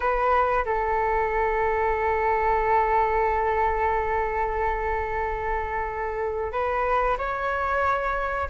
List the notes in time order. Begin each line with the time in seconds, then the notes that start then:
0.00 B4
0.65 A4
6.52 B4
7.18 C#5